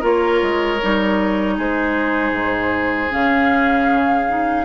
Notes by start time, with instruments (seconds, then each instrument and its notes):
0.00 bassoon A#3, clarinet F4, oboe A#4, flute C#5
0.42 bassoon G#3
0.82 bassoon G3, clarinet D#4
1.57 bassoon G#3, oboe G#4, flute C5
2.31 bassoon G#2
3.10 bassoon C#3, clarinet C#4, flute F5
4.28 clarinet D#4